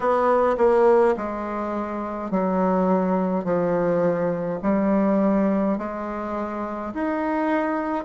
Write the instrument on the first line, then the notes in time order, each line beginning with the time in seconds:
bassoon
0.00 B3
0.57 A#3
1.16 G#3
2.30 F#3
3.44 F3
4.62 G3
5.77 G#3
6.94 D#4